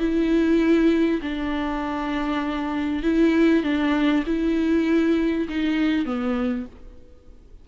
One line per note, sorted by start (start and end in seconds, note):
0.00 1.21 E4
1.22 3.03 D4
3.03 3.64 E4
3.64 4.24 D4
4.27 5.48 E4
5.49 6.06 D#4
6.06 6.66 B3